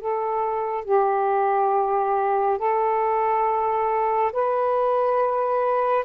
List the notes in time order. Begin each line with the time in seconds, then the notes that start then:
0.00 A4
0.84 G4
2.58 A4
4.32 B4